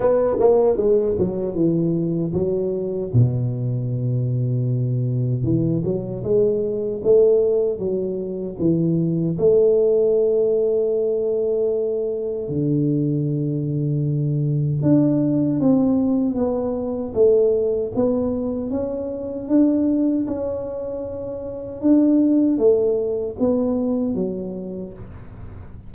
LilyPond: \new Staff \with { instrumentName = "tuba" } { \time 4/4 \tempo 4 = 77 b8 ais8 gis8 fis8 e4 fis4 | b,2. e8 fis8 | gis4 a4 fis4 e4 | a1 |
d2. d'4 | c'4 b4 a4 b4 | cis'4 d'4 cis'2 | d'4 a4 b4 fis4 | }